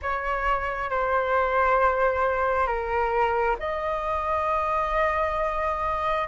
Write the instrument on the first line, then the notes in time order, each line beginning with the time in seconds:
flute
0.02 C#5
0.90 C5
2.66 A#4
3.59 D#5